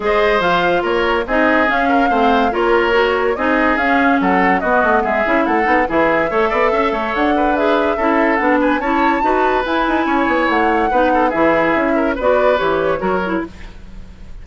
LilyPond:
<<
  \new Staff \with { instrumentName = "flute" } { \time 4/4 \tempo 4 = 143 dis''4 f''4 cis''4 dis''4 | f''2 cis''2 | dis''4 f''4 fis''4 dis''4 | e''4 fis''4 e''2~ |
e''4 fis''4 e''2 | fis''8 gis''8 a''2 gis''4~ | gis''4 fis''2 e''4~ | e''4 d''4 cis''2 | }
  \new Staff \with { instrumentName = "oboe" } { \time 4/4 c''2 ais'4 gis'4~ | gis'8 ais'8 c''4 ais'2 | gis'2 a'4 fis'4 | gis'4 a'4 gis'4 cis''8 d''8 |
e''8 cis''4 b'4. a'4~ | a'8 b'8 cis''4 b'2 | cis''2 b'8 a'8 gis'4~ | gis'8 ais'8 b'2 ais'4 | }
  \new Staff \with { instrumentName = "clarinet" } { \time 4/4 gis'4 f'2 dis'4 | cis'4 c'4 f'4 fis'4 | dis'4 cis'2 b4~ | b8 e'4 dis'8 e'4 a'4~ |
a'2 gis'4 e'4 | d'4 e'4 fis'4 e'4~ | e'2 dis'4 e'4~ | e'4 fis'4 g'4 fis'8 e'8 | }
  \new Staff \with { instrumentName = "bassoon" } { \time 4/4 gis4 f4 ais4 c'4 | cis'4 a4 ais2 | c'4 cis'4 fis4 b8 a8 | gis8 cis'8 a8 b8 e4 a8 b8 |
cis'8 a8 d'2 cis'4 | b4 cis'4 dis'4 e'8 dis'8 | cis'8 b8 a4 b4 e4 | cis'4 b4 e4 fis4 | }
>>